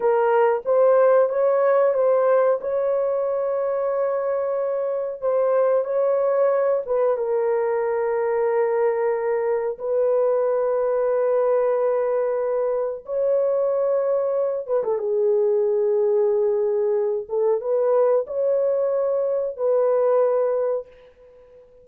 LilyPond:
\new Staff \with { instrumentName = "horn" } { \time 4/4 \tempo 4 = 92 ais'4 c''4 cis''4 c''4 | cis''1 | c''4 cis''4. b'8 ais'4~ | ais'2. b'4~ |
b'1 | cis''2~ cis''8 b'16 a'16 gis'4~ | gis'2~ gis'8 a'8 b'4 | cis''2 b'2 | }